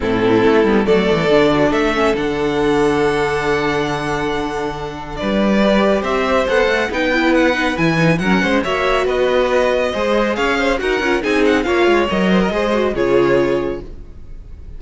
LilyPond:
<<
  \new Staff \with { instrumentName = "violin" } { \time 4/4 \tempo 4 = 139 a'2 d''2 | e''4 fis''2.~ | fis''1 | d''2 e''4 fis''4 |
g''4 fis''4 gis''4 fis''4 | e''4 dis''2. | f''4 fis''4 gis''8 fis''8 f''4 | dis''2 cis''2 | }
  \new Staff \with { instrumentName = "violin" } { \time 4/4 e'2 a'4. fis'8 | a'1~ | a'1 | b'2 c''2 |
b'2. ais'8 c''8 | cis''4 b'2 c''4 | cis''8 c''8 ais'4 gis'4 cis''4~ | cis''8 c''16 ais'16 c''4 gis'2 | }
  \new Staff \with { instrumentName = "viola" } { \time 4/4 c'4. b8 a4 d'4~ | d'8 cis'8 d'2.~ | d'1~ | d'4 g'2 a'4 |
dis'8 e'4 dis'8 e'8 dis'8 cis'4 | fis'2. gis'4~ | gis'4 fis'8 f'8 dis'4 f'4 | ais'4 gis'8 fis'8 f'2 | }
  \new Staff \with { instrumentName = "cello" } { \time 4/4 a,4 a8 g8 fis8 e8 d4 | a4 d2.~ | d1 | g2 c'4 b8 a8 |
b2 e4 fis8 gis8 | ais4 b2 gis4 | cis'4 dis'8 cis'8 c'4 ais8 gis8 | fis4 gis4 cis2 | }
>>